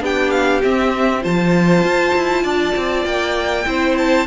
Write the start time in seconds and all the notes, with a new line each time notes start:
0.00 B3 D4 G4 G5
0.30 F5
0.62 C4 E5
1.21 F3 F4 C5 A5
1.83 F4
2.15 E4
2.43 D4 D5
2.76 C4
3.05 A#3 G5
3.65 C4 E4 C5
3.97 A5